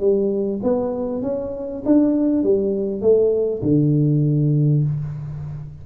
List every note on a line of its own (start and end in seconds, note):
0.00 0.61 G3
0.63 1.23 B3
1.23 1.83 C#4
1.86 2.44 D4
2.44 3.02 G3
3.02 3.62 A3
3.62 4.83 D3